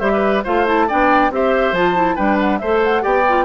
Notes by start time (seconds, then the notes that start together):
0.00 G3 G4 C5 E5
0.14 B4
0.44 A3 F4 C5 F5
0.66 E4 A5
0.88 B3 D4 D5 G5
1.31 C4 G4 C5 E5
1.72 F3 F4 A5
1.95 E4
2.16 G3 D4 B4 G5
2.40 F#5
2.58 A3 A4 C5 E5
2.84 F#5
3.02 B3 G4 D5 G5
3.29 F4